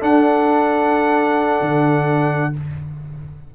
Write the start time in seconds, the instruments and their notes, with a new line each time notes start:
0.00 trombone D4, tuba D4, horn A4, trumpet F#5
1.61 tuba D3